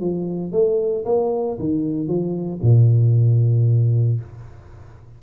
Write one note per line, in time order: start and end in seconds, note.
0.00 0.52 F3
0.52 1.05 A3
1.05 1.58 A#3
1.59 2.07 D#3
2.07 2.60 F3
2.62 4.20 A#2